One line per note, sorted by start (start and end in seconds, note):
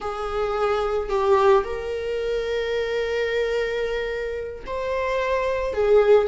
0.00 1.09 G#4
1.09 1.63 G4
1.64 4.64 A#4
4.66 5.73 C5
5.73 6.27 G#4